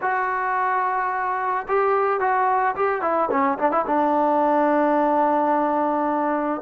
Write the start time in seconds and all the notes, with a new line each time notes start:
0.01 F#4
1.68 G4
2.20 F#4
2.75 G4
3.01 E4
3.30 C#4
3.58 D4
3.71 E4
3.86 D4